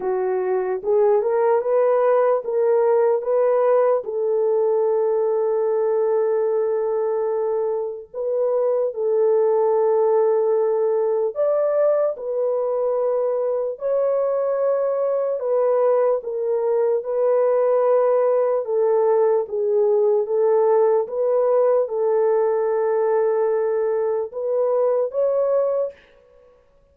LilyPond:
\new Staff \with { instrumentName = "horn" } { \time 4/4 \tempo 4 = 74 fis'4 gis'8 ais'8 b'4 ais'4 | b'4 a'2.~ | a'2 b'4 a'4~ | a'2 d''4 b'4~ |
b'4 cis''2 b'4 | ais'4 b'2 a'4 | gis'4 a'4 b'4 a'4~ | a'2 b'4 cis''4 | }